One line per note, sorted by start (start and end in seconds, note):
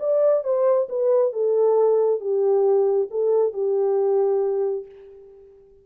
0.00 0.44 D5
0.44 0.88 C5
0.89 1.33 B4
1.33 2.20 A4
2.20 3.09 G4
3.11 3.54 A4
3.54 4.86 G4